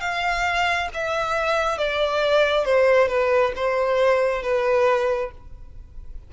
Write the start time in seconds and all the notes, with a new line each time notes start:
0.00 F5
0.94 E5
1.77 D5
2.65 C5
3.08 B4
3.55 C5
4.42 B4